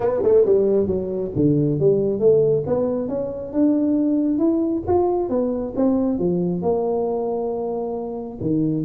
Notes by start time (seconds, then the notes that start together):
0.00 B3
0.22 A3
0.45 G3
0.86 F#3
1.35 D3
1.79 G3
2.19 A3
2.66 B3
3.08 C#4
3.53 D4
4.38 E4
4.87 F4
5.29 B3
5.76 C4
6.18 F3
6.62 A#3
8.40 D#3